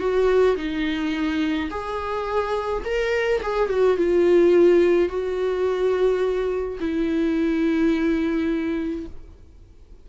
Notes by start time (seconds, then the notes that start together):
0.00 F#4
0.57 D#4
1.71 G#4
2.85 A#4
3.43 G#4
3.70 F#4
3.98 F4
5.09 F#4
6.81 E4